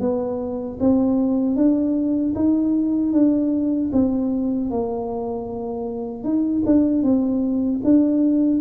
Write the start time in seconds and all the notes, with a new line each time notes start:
0.00 B3
0.80 C4
1.56 D4
2.36 D#4
3.13 D4
3.92 C4
4.71 A#3
6.24 D#4
6.66 D4
7.03 C4
7.84 D4